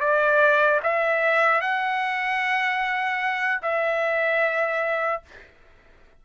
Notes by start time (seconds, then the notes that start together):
0.00 D5
0.83 E5
1.61 F#5
3.62 E5